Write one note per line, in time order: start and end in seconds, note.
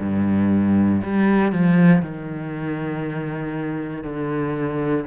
0.00 1.02 G2
1.03 1.52 G3
1.52 2.02 F3
2.02 4.04 D#3
4.04 5.05 D3